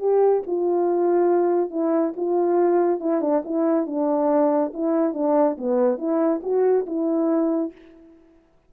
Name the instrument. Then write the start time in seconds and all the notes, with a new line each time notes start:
horn
0.00 G4
0.47 F4
1.71 E4
2.17 F4
3.01 E4
3.22 D4
3.45 E4
3.87 D4
4.74 E4
5.14 D4
5.58 B3
5.98 E4
6.43 F#4
6.87 E4